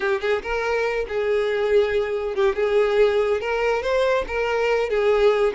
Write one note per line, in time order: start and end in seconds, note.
0.00 0.20 G4
0.20 0.42 G#4
0.42 1.06 A#4
1.08 2.35 G#4
2.35 2.55 G4
2.55 3.40 G#4
3.40 3.82 A#4
3.82 4.24 C5
4.27 4.89 A#4
4.89 5.53 G#4